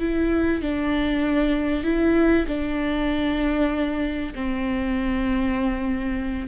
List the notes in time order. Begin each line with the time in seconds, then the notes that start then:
0.00 E4
0.62 D4
1.84 E4
2.48 D4
4.35 C4